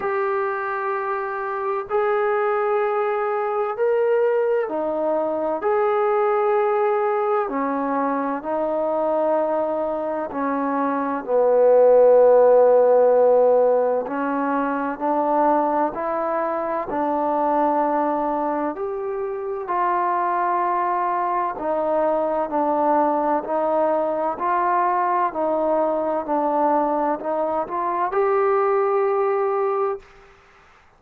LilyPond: \new Staff \with { instrumentName = "trombone" } { \time 4/4 \tempo 4 = 64 g'2 gis'2 | ais'4 dis'4 gis'2 | cis'4 dis'2 cis'4 | b2. cis'4 |
d'4 e'4 d'2 | g'4 f'2 dis'4 | d'4 dis'4 f'4 dis'4 | d'4 dis'8 f'8 g'2 | }